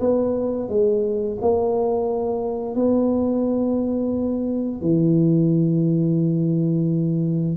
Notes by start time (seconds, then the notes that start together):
0.00 B3
0.69 G#3
1.41 A#3
2.75 B3
4.81 E3